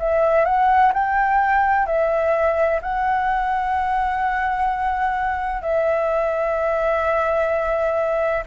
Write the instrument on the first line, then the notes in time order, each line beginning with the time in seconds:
flute
0.00 E5
0.46 F#5
0.94 G5
1.87 E5
2.82 F#5
5.62 E5